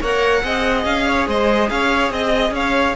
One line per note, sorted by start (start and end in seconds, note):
0.00 0.43 A#3
0.00 0.43 A#4
0.00 0.42 C#5
0.00 0.84 F#5
0.43 0.85 C4
0.43 2.96 G#4
0.43 1.07 D#5
0.84 1.27 C#4
0.84 1.27 F5
1.07 1.28 C#5
1.27 1.69 G#3
1.27 1.70 C5
1.27 1.69 D#5
1.69 2.10 C#4
1.69 2.13 C#5
1.69 2.11 F5
2.10 2.51 C4
2.10 2.54 D#5
2.10 2.53 D#5
2.51 2.93 C#4
2.51 2.96 C#5
2.51 2.96 F5